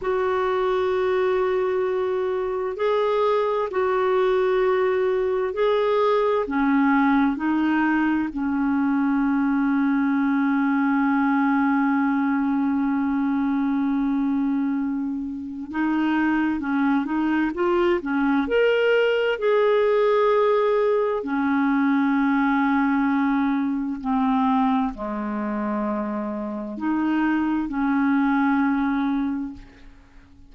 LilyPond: \new Staff \with { instrumentName = "clarinet" } { \time 4/4 \tempo 4 = 65 fis'2. gis'4 | fis'2 gis'4 cis'4 | dis'4 cis'2.~ | cis'1~ |
cis'4 dis'4 cis'8 dis'8 f'8 cis'8 | ais'4 gis'2 cis'4~ | cis'2 c'4 gis4~ | gis4 dis'4 cis'2 | }